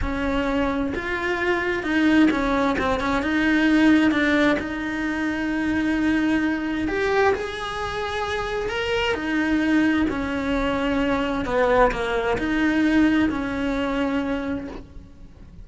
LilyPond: \new Staff \with { instrumentName = "cello" } { \time 4/4 \tempo 4 = 131 cis'2 f'2 | dis'4 cis'4 c'8 cis'8 dis'4~ | dis'4 d'4 dis'2~ | dis'2. g'4 |
gis'2. ais'4 | dis'2 cis'2~ | cis'4 b4 ais4 dis'4~ | dis'4 cis'2. | }